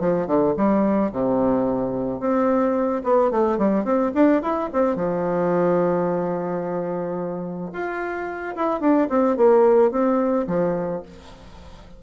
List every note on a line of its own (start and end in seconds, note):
0.00 0.27 F3
0.27 0.55 D3
0.57 1.12 G3
1.12 2.20 C3
2.20 3.03 C4
3.04 3.31 B3
3.31 3.58 A3
3.58 3.84 G3
3.84 4.12 C4
4.14 4.42 D4
4.42 4.70 E4
4.73 4.96 C4
4.96 7.71 F3
7.73 8.55 F4
8.56 8.80 E4
8.80 9.08 D4
9.09 9.37 C4
9.37 9.91 A#3
9.91 10.46 C4
10.47 11.02 F3